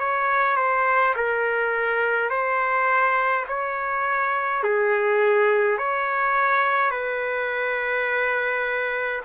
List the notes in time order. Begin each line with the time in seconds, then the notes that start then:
0.00 C#5
0.57 C5
1.16 A#4
2.30 C5
3.48 C#5
4.64 G#4
5.78 C#5
6.91 B4